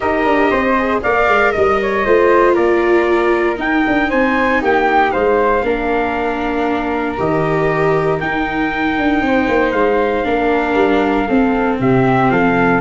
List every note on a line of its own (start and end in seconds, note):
0.00 0.25 D#4
0.00 0.76 G4
0.00 0.49 A#4
0.00 1.01 D#5
0.25 0.50 D4
0.49 1.03 C4
0.49 1.01 C5
0.78 1.03 G#4
1.02 1.28 A#3
1.02 2.05 A#4
1.02 1.53 D5
1.02 1.51 F5
1.28 1.53 G#3
1.51 2.05 G3
1.51 2.54 D#5
1.51 1.80 D#5
1.81 2.05 C#5
2.05 2.56 A3
2.05 3.56 F4
2.05 2.54 C5
2.54 3.58 A#3
2.54 4.08 A#4
2.54 3.57 D5
3.56 5.61 D#4
3.56 3.84 D#4
3.56 4.10 G5
3.87 4.12 D4
4.09 4.62 C4
4.09 4.60 C5
4.09 4.61 G#5
4.61 5.14 A#3
4.61 5.12 G4
4.61 5.11 G5
5.11 5.62 G#3
5.11 5.63 C5
5.11 7.16 F5
5.62 7.16 A#3
5.62 7.17 D4
5.62 9.24 A#4
7.17 8.21 D#3
7.17 8.20 G4
7.17 8.20 D#5
8.20 10.24 D#4
8.20 8.97 D#4
8.20 9.71 G5
8.97 9.21 D4
9.21 9.47 C4
9.21 10.25 C5
9.48 9.72 A#3
9.71 10.24 G#3
9.71 11.76 F5
10.24 10.74 A#3
10.24 11.26 D4
10.24 11.27 A#4
10.74 11.25 G3
11.27 12.80 C4
11.27 11.79 C4
11.27 11.78 A4
11.79 12.30 C3
11.79 12.32 G4
11.79 12.31 E5
12.30 12.80 F3
12.30 12.80 A4
12.30 12.80 F5